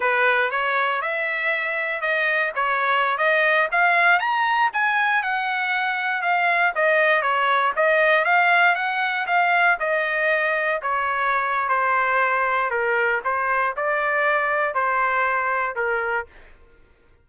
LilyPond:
\new Staff \with { instrumentName = "trumpet" } { \time 4/4 \tempo 4 = 118 b'4 cis''4 e''2 | dis''4 cis''4~ cis''16 dis''4 f''8.~ | f''16 ais''4 gis''4 fis''4.~ fis''16~ | fis''16 f''4 dis''4 cis''4 dis''8.~ |
dis''16 f''4 fis''4 f''4 dis''8.~ | dis''4~ dis''16 cis''4.~ cis''16 c''4~ | c''4 ais'4 c''4 d''4~ | d''4 c''2 ais'4 | }